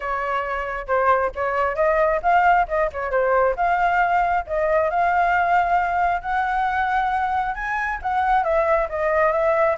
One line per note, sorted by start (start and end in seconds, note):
0.00 0.87 C#5
0.87 1.31 C5
1.35 1.75 C#5
1.75 2.20 D#5
2.22 2.66 F5
2.67 2.90 D#5
2.92 3.11 C#5
3.11 3.55 C5
3.56 4.44 F5
4.46 4.89 D#5
4.89 6.21 F5
6.21 7.54 F#5
7.54 7.99 G#5
8.02 8.43 F#5
8.43 8.88 E5
8.89 9.32 D#5
9.32 9.76 E5